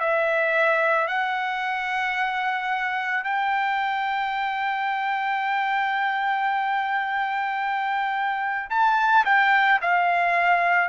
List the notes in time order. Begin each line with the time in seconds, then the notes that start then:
0.00 E5
1.08 F#5
3.24 G5
8.70 A5
9.25 G5
9.81 F5